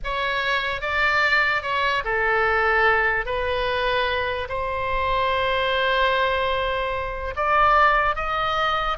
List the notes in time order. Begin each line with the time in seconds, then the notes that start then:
0.04 C#5
0.81 D5
1.62 C#5
2.04 A4
3.25 B4
4.48 C5
7.36 D5
8.15 D#5